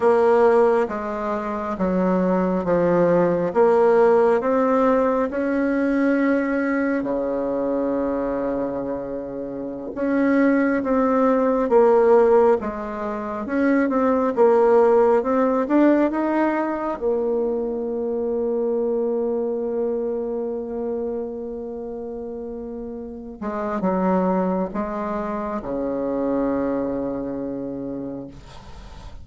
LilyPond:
\new Staff \with { instrumentName = "bassoon" } { \time 4/4 \tempo 4 = 68 ais4 gis4 fis4 f4 | ais4 c'4 cis'2 | cis2.~ cis16 cis'8.~ | cis'16 c'4 ais4 gis4 cis'8 c'16~ |
c'16 ais4 c'8 d'8 dis'4 ais8.~ | ais1~ | ais2~ ais8 gis8 fis4 | gis4 cis2. | }